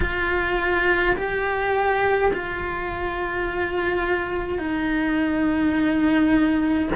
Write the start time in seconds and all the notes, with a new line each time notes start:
0.00 F4
1.15 G4
2.33 F4
4.58 D#4